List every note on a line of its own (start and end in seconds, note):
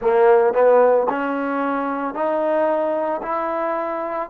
0.00 0.53 A#3
0.53 1.07 B3
1.09 2.14 C#4
2.14 3.21 D#4
3.22 4.29 E4